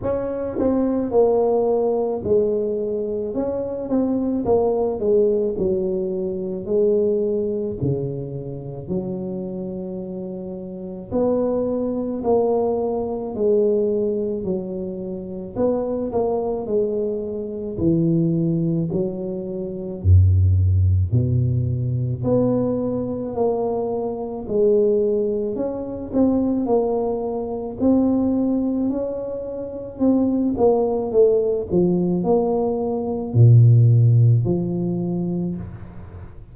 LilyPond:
\new Staff \with { instrumentName = "tuba" } { \time 4/4 \tempo 4 = 54 cis'8 c'8 ais4 gis4 cis'8 c'8 | ais8 gis8 fis4 gis4 cis4 | fis2 b4 ais4 | gis4 fis4 b8 ais8 gis4 |
e4 fis4 fis,4 b,4 | b4 ais4 gis4 cis'8 c'8 | ais4 c'4 cis'4 c'8 ais8 | a8 f8 ais4 ais,4 f4 | }